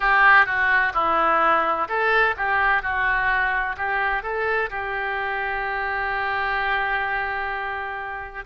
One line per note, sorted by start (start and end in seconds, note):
0.00 0.46 G4
0.46 0.92 F#4
0.94 1.87 E4
1.88 2.35 A4
2.37 2.82 G4
2.82 3.76 F#4
3.77 4.22 G4
4.22 4.69 A4
4.70 8.45 G4